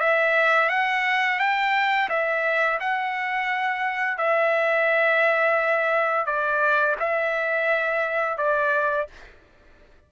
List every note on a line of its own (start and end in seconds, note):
0.00 0.69 E5
0.69 1.39 F#5
1.39 2.09 G5
2.09 2.79 E5
2.80 4.18 F#5
4.18 6.26 E5
6.26 6.96 D5
7.00 8.38 E5
8.38 9.07 D5